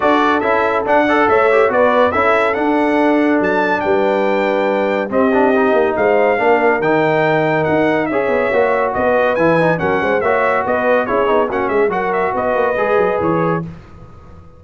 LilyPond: <<
  \new Staff \with { instrumentName = "trumpet" } { \time 4/4 \tempo 4 = 141 d''4 e''4 fis''4 e''4 | d''4 e''4 fis''2 | a''4 g''2. | dis''2 f''2 |
g''2 fis''4 e''4~ | e''4 dis''4 gis''4 fis''4 | e''4 dis''4 cis''4 fis''8 e''8 | fis''8 e''8 dis''2 cis''4 | }
  \new Staff \with { instrumentName = "horn" } { \time 4/4 a'2~ a'8 d''8 cis''4 | b'4 a'2.~ | a'4 b'2. | g'2 c''4 ais'4~ |
ais'2. cis''4~ | cis''4 b'2 ais'8 c''8 | cis''4 b'4 gis'4 fis'8 gis'8 | ais'4 b'2. | }
  \new Staff \with { instrumentName = "trombone" } { \time 4/4 fis'4 e'4 d'8 a'4 g'8 | fis'4 e'4 d'2~ | d'1 | c'8 d'8 dis'2 d'4 |
dis'2. gis'4 | fis'2 e'8 dis'8 cis'4 | fis'2 e'8 dis'8 cis'4 | fis'2 gis'2 | }
  \new Staff \with { instrumentName = "tuba" } { \time 4/4 d'4 cis'4 d'4 a4 | b4 cis'4 d'2 | fis4 g2. | c'4. ais8 gis4 ais4 |
dis2 dis'4 cis'8 b8 | ais4 b4 e4 fis8 gis8 | ais4 b4 cis'8 b8 ais8 gis8 | fis4 b8 ais8 gis8 fis8 e4 | }
>>